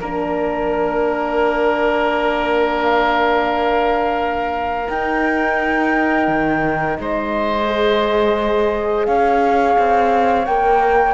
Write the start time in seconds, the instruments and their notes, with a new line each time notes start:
0.00 cello A#3, horn D4, oboe A#4, flute A#4
2.80 flute F5
4.88 horn D#4, cello D#4, flute G5
6.28 cello D#3
6.99 cello G#3, oboe C5, flute D#5
7.67 horn G#4
9.06 cello C#4, oboe C#5, flute F5
9.79 cello C4
10.45 cello A#3, horn A#4, flute G5